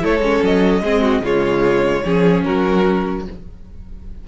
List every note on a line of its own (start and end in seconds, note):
0.00 0.20 A3
0.00 0.20 E4
0.00 0.83 A4
0.00 0.45 C#5
0.20 0.40 G#3
0.20 0.83 C#4
0.43 0.81 F#3
0.43 1.25 D#5
0.81 1.21 G#3
0.81 1.24 C4
0.81 1.02 G#4
1.02 1.22 F#4
1.21 2.01 C#3
1.21 2.04 G#3
1.21 2.04 F4
1.21 2.44 C#5
2.04 2.45 F3
2.04 3.26 C#4
2.04 2.45 G#4
2.44 3.28 F#3
2.44 3.26 F#4
2.44 3.25 A#4